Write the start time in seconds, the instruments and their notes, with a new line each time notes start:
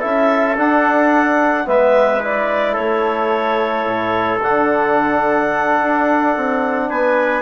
0.00 bassoon C#4, trombone E4, trumpet A4, clarinet E5
0.57 trombone D4, bassoon D4, clarinet F#5
1.65 bassoon G#3, trombone B3, trumpet B4, clarinet E5
2.20 trombone E4, clarinet D5
2.73 bassoon A3, trumpet A4, clarinet C#5
3.85 bassoon A2
4.42 bassoon D3, trombone D4, clarinet F#5
5.82 bassoon D4
6.37 bassoon C4
6.90 bassoon B3, trumpet B4, clarinet G#5